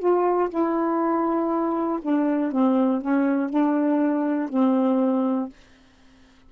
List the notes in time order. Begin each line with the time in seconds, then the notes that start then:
0.00 F4
0.50 E4
2.02 D4
2.52 C4
3.02 C#4
3.50 D4
4.50 C4